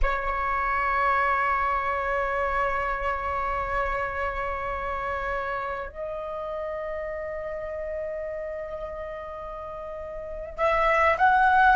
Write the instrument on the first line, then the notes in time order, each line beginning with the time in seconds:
flute
0.02 C#5
5.88 D#5
10.58 E5
11.18 F#5